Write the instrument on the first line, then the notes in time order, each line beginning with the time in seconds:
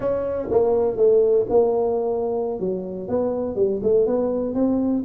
tuba
0.00 C#4
0.50 A#3
0.96 A3
1.49 A#3
2.59 F#3
3.08 B3
3.55 G3
3.82 A3
4.06 B3
4.54 C4